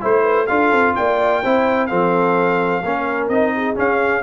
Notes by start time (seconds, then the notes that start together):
0.00 A3 E4 C5
0.22 B4
0.46 D4 F4 A4 F5
0.71 C4
0.95 A#3 D5 G5
1.43 C4 E4 C5
1.86 F3 C4 A4 F5
2.83 A#3 C#4 A#4
3.28 C4 D#4 D#5
3.55 G#4
3.75 C#4 F5